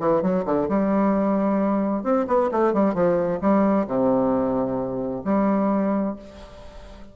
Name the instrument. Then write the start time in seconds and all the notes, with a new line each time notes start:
bassoon
0.00 E3
0.22 F#3
0.45 D3
0.69 G3
2.04 C4
2.28 B3
2.51 A3
2.74 G3
2.94 F3
3.41 G3
3.87 C3
5.25 G3